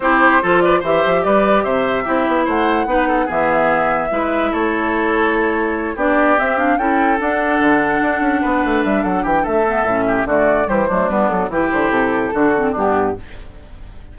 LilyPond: <<
  \new Staff \with { instrumentName = "flute" } { \time 4/4 \tempo 4 = 146 c''4. d''8 e''4 d''4 | e''2 fis''2 | e''2. cis''4~ | cis''2~ cis''8 d''4 e''8 |
f''8 g''4 fis''2~ fis''8~ | fis''4. e''8 fis''8 g''8 e''4~ | e''4 d''4 c''4 b'8 a'8 | b'8 c''8 a'2 g'4 | }
  \new Staff \with { instrumentName = "oboe" } { \time 4/4 g'4 a'8 b'8 c''4 b'4 | c''4 g'4 c''4 b'8 a'8 | gis'2 b'4 a'4~ | a'2~ a'8 g'4.~ |
g'8 a'2.~ a'8~ | a'8 b'4. a'8 g'8 a'4~ | a'8 g'8 fis'4 g'8 d'4. | g'2 fis'4 d'4 | }
  \new Staff \with { instrumentName = "clarinet" } { \time 4/4 e'4 f'4 g'2~ | g'4 e'2 dis'4 | b2 e'2~ | e'2~ e'8 d'4 c'8 |
d'8 e'4 d'2~ d'8~ | d'2.~ d'8 b8 | cis'4 a4 g8 a8 b4 | e'2 d'8 c'8 b4 | }
  \new Staff \with { instrumentName = "bassoon" } { \time 4/4 c'4 f4 e8 f8 g4 | c4 c'8 b8 a4 b4 | e2 gis4 a4~ | a2~ a8 b4 c'8~ |
c'8 cis'4 d'4 d4 d'8 | cis'8 b8 a8 g8 fis8 e8 a4 | a,4 d4 e8 fis8 g8 fis8 | e8 d8 c4 d4 g,4 | }
>>